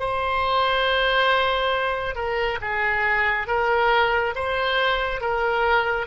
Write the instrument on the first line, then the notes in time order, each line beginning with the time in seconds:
oboe
0.00 C5
2.15 A#4
2.61 G#4
3.47 A#4
4.35 C5
5.21 A#4